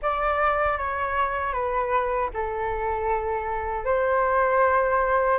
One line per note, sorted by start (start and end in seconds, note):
0.02 0.77 D5
0.77 1.52 C#5
1.52 2.29 B4
2.33 3.84 A4
3.84 5.38 C5